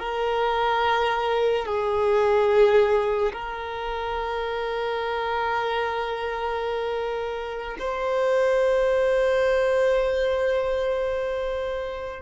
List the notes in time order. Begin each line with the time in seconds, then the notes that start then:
0.00 A#4
1.66 G#4
3.33 A#4
7.80 C5